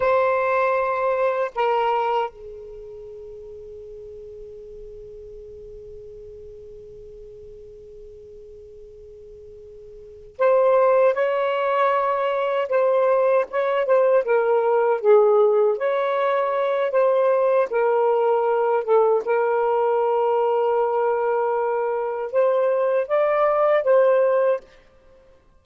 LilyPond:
\new Staff \with { instrumentName = "saxophone" } { \time 4/4 \tempo 4 = 78 c''2 ais'4 gis'4~ | gis'1~ | gis'1~ | gis'4. c''4 cis''4.~ |
cis''8 c''4 cis''8 c''8 ais'4 gis'8~ | gis'8 cis''4. c''4 ais'4~ | ais'8 a'8 ais'2.~ | ais'4 c''4 d''4 c''4 | }